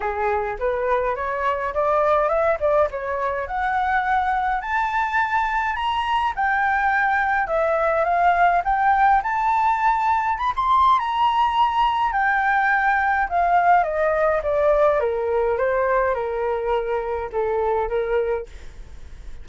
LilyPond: \new Staff \with { instrumentName = "flute" } { \time 4/4 \tempo 4 = 104 gis'4 b'4 cis''4 d''4 | e''8 d''8 cis''4 fis''2 | a''2 ais''4 g''4~ | g''4 e''4 f''4 g''4 |
a''2 b''16 c'''8. ais''4~ | ais''4 g''2 f''4 | dis''4 d''4 ais'4 c''4 | ais'2 a'4 ais'4 | }